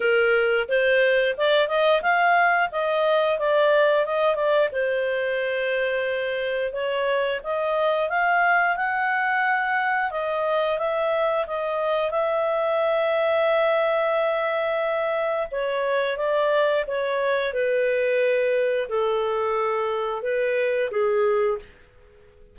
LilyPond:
\new Staff \with { instrumentName = "clarinet" } { \time 4/4 \tempo 4 = 89 ais'4 c''4 d''8 dis''8 f''4 | dis''4 d''4 dis''8 d''8 c''4~ | c''2 cis''4 dis''4 | f''4 fis''2 dis''4 |
e''4 dis''4 e''2~ | e''2. cis''4 | d''4 cis''4 b'2 | a'2 b'4 gis'4 | }